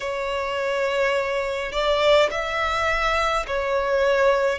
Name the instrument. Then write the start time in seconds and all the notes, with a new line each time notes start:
violin
0.00 C#5
1.72 D5
2.30 E5
3.47 C#5